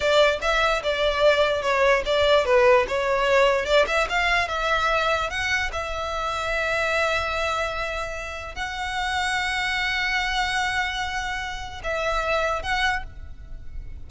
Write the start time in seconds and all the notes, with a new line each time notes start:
0.00 D5
0.41 E5
0.83 D5
1.62 C#5
2.05 D5
2.45 B4
2.88 C#5
3.65 D5
3.87 E5
4.09 F5
4.48 E5
5.29 F#5
5.72 E5
8.55 F#5
11.83 E5
12.62 F#5